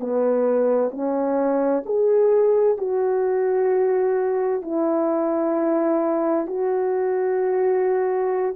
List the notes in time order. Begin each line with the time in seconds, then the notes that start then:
0.00 B3
0.91 C#4
1.85 G#4
2.77 F#4
4.62 E4
6.47 F#4